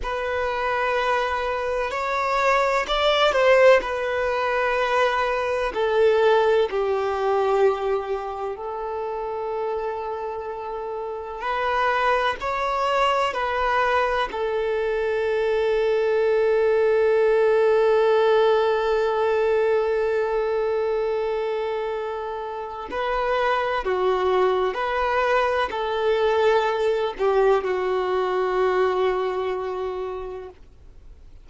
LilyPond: \new Staff \with { instrumentName = "violin" } { \time 4/4 \tempo 4 = 63 b'2 cis''4 d''8 c''8 | b'2 a'4 g'4~ | g'4 a'2. | b'4 cis''4 b'4 a'4~ |
a'1~ | a'1 | b'4 fis'4 b'4 a'4~ | a'8 g'8 fis'2. | }